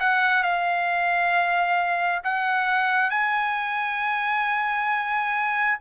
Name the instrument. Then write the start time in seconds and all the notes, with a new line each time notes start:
trumpet
0.00 F#5
0.44 F5
2.24 F#5
3.11 G#5